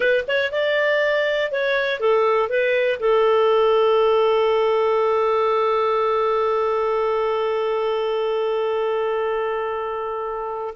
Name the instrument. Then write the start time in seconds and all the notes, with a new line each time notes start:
clarinet
0.00 B4
0.27 C#5
0.51 D5
1.51 C#5
2.00 A4
2.49 B4
2.99 A4